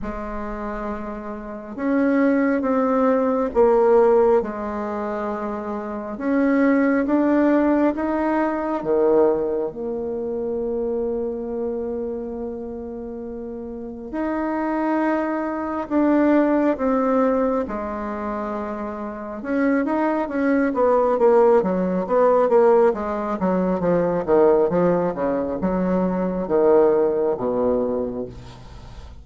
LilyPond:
\new Staff \with { instrumentName = "bassoon" } { \time 4/4 \tempo 4 = 68 gis2 cis'4 c'4 | ais4 gis2 cis'4 | d'4 dis'4 dis4 ais4~ | ais1 |
dis'2 d'4 c'4 | gis2 cis'8 dis'8 cis'8 b8 | ais8 fis8 b8 ais8 gis8 fis8 f8 dis8 | f8 cis8 fis4 dis4 b,4 | }